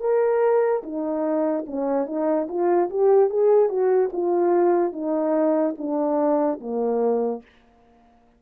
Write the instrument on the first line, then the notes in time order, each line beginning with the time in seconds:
horn
0.00 A#4
0.83 D#4
1.67 C#4
2.06 D#4
2.48 F4
2.90 G4
3.30 G#4
3.69 F#4
4.12 F4
4.92 D#4
5.78 D4
6.60 A#3